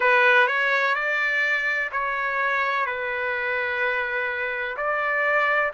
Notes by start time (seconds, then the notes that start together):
0.00 B4
0.47 C#5
0.94 D5
1.91 C#5
2.86 B4
4.76 D5